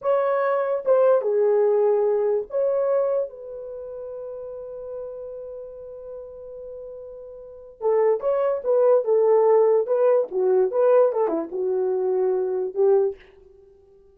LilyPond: \new Staff \with { instrumentName = "horn" } { \time 4/4 \tempo 4 = 146 cis''2 c''4 gis'4~ | gis'2 cis''2 | b'1~ | b'1~ |
b'2. a'4 | cis''4 b'4 a'2 | b'4 fis'4 b'4 a'8 e'8 | fis'2. g'4 | }